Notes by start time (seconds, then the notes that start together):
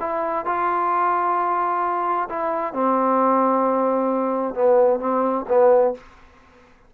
0.00 E4
0.46 F4
2.30 E4
2.74 C4
4.55 B3
5.00 C4
5.49 B3